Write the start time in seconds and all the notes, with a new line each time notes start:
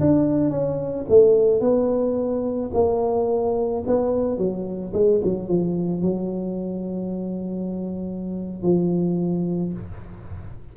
0.00 D4
0.50 C#4
1.09 A3
1.60 B3
2.73 A#3
3.86 B3
4.37 F#3
4.93 G#3
5.24 F#3
5.48 F3
6.02 F#3
8.63 F3